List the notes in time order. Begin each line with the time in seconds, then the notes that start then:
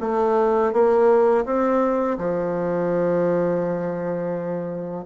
0.00 A3
0.72 A#3
1.45 C4
2.18 F3